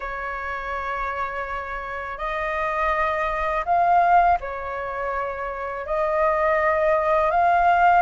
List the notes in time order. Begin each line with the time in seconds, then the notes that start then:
0.00 C#5
2.18 D#5
3.65 F5
4.40 C#5
5.85 D#5
7.30 F5